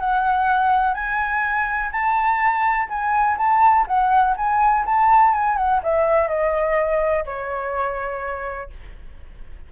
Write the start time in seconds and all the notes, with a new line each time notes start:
0.00 F#5
0.94 G#5
1.92 A5
2.89 G#5
3.38 A5
3.87 F#5
4.37 G#5
4.86 A5
5.34 G#5
5.57 F#5
5.84 E5
6.28 D#5
7.25 C#5